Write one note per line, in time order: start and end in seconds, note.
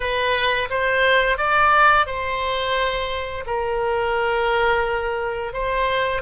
0.00 0.69 B4
0.70 1.37 C5
1.37 2.06 D5
2.06 3.44 C5
3.46 5.53 A#4
5.53 6.21 C5